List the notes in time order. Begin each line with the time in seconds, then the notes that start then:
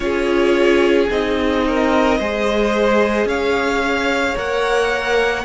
0.00 C#4 F4 G#4 C#5
1.10 C4 D#4 D#5
1.67 A#4
2.18 G#3 G#4 C5
3.25 C#4 C#5 F5
4.35 A#3 A#4 F#5